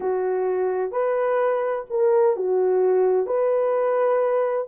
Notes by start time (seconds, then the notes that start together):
0.00 F#4
0.91 B4
1.90 A#4
2.36 F#4
3.26 B4